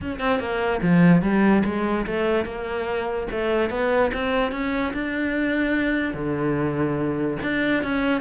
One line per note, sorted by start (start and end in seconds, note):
0.01 0.19 C#4
0.19 0.39 C4
0.39 0.80 A#3
0.82 1.22 F3
1.22 1.63 G3
1.65 2.06 G#3
2.06 2.45 A3
2.45 3.27 A#3
3.31 3.70 A3
3.70 4.11 B3
4.13 4.51 C4
4.51 4.92 C#4
4.93 6.14 D4
6.14 7.37 D3
7.42 7.83 D4
7.83 8.21 C#4